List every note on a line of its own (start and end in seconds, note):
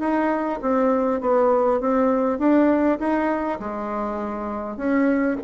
0.00 0.60 D#4
0.62 1.21 C4
1.21 1.81 B3
1.81 2.39 C4
2.39 2.99 D4
3.00 3.60 D#4
3.60 4.77 G#3
4.77 5.37 C#4